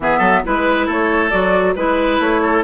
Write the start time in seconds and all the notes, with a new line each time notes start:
0.00 E3 B3 G#4 E5
0.18 F#3 A4
0.44 G#3 E4 B4
0.86 A3 A4 C#5
1.30 F#3 F#4 D5
1.75 G#3 E4 B4
2.19 A3 C#5
2.42 A4